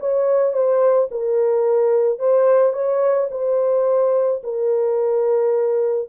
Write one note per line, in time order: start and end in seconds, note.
0.00 0.54 C#5
0.54 1.09 C5
1.12 2.19 A#4
2.19 2.73 C5
2.73 3.29 C#5
3.32 4.43 C5
4.44 6.09 A#4